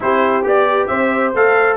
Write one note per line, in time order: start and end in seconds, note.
0.00 0.44 C4
0.00 0.43 E4
0.00 0.88 G4
0.00 0.46 C5
0.43 0.89 B3
0.43 1.33 G4
0.43 0.87 D5
0.87 1.34 C4
0.87 1.77 C5
0.87 1.32 E5
1.34 1.77 A3
1.34 1.77 A4
1.34 1.77 F5